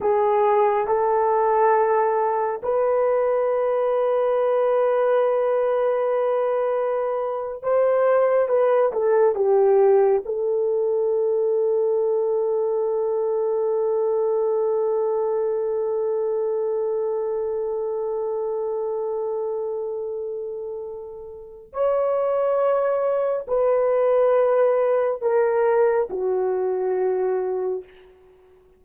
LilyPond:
\new Staff \with { instrumentName = "horn" } { \time 4/4 \tempo 4 = 69 gis'4 a'2 b'4~ | b'1~ | b'8. c''4 b'8 a'8 g'4 a'16~ | a'1~ |
a'1~ | a'1~ | a'4 cis''2 b'4~ | b'4 ais'4 fis'2 | }